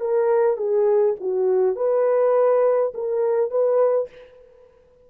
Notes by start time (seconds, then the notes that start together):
0.00 A#4
0.56 G#4
1.20 F#4
1.76 B4
2.94 A#4
3.50 B4